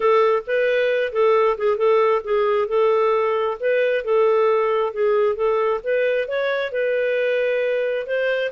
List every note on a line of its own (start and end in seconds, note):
0.00 0.42 A4
0.46 1.12 B4
1.12 1.57 A4
1.57 1.77 G#4
1.77 2.21 A4
2.24 2.68 G#4
2.68 3.57 A4
3.59 4.04 B4
4.04 4.93 A4
4.93 5.35 G#4
5.35 5.80 A4
5.83 6.28 B4
6.28 6.72 C#5
6.72 8.06 B4
8.06 8.51 C5